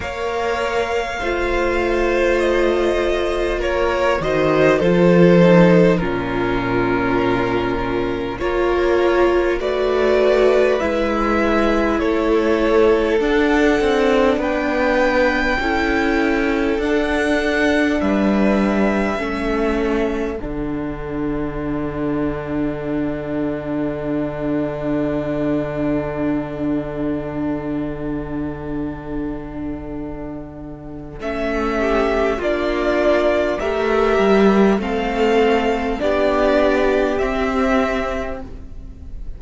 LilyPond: <<
  \new Staff \with { instrumentName = "violin" } { \time 4/4 \tempo 4 = 50 f''2 dis''4 cis''8 dis''8 | c''4 ais'2 cis''4 | d''4 e''4 cis''4 fis''4 | g''2 fis''4 e''4~ |
e''4 fis''2.~ | fis''1~ | fis''2 e''4 d''4 | e''4 f''4 d''4 e''4 | }
  \new Staff \with { instrumentName = "violin" } { \time 4/4 cis''4 c''2 ais'8 c''8 | a'4 f'2 ais'4 | b'2 a'2 | b'4 a'2 b'4 |
a'1~ | a'1~ | a'2~ a'8 g'8 f'4 | ais'4 a'4 g'2 | }
  \new Staff \with { instrumentName = "viola" } { \time 4/4 ais'4 f'2~ f'8 fis'8 | f'8 dis'8 cis'2 f'4 | fis'4 e'2 d'4~ | d'4 e'4 d'2 |
cis'4 d'2.~ | d'1~ | d'2 cis'4 d'4 | g'4 c'4 d'4 c'4 | }
  \new Staff \with { instrumentName = "cello" } { \time 4/4 ais4 a2 ais8 dis8 | f4 ais,2 ais4 | a4 gis4 a4 d'8 c'8 | b4 cis'4 d'4 g4 |
a4 d2.~ | d1~ | d2 a4 ais4 | a8 g8 a4 b4 c'4 | }
>>